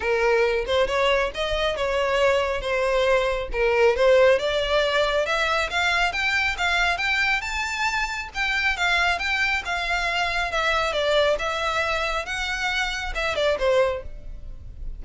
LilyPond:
\new Staff \with { instrumentName = "violin" } { \time 4/4 \tempo 4 = 137 ais'4. c''8 cis''4 dis''4 | cis''2 c''2 | ais'4 c''4 d''2 | e''4 f''4 g''4 f''4 |
g''4 a''2 g''4 | f''4 g''4 f''2 | e''4 d''4 e''2 | fis''2 e''8 d''8 c''4 | }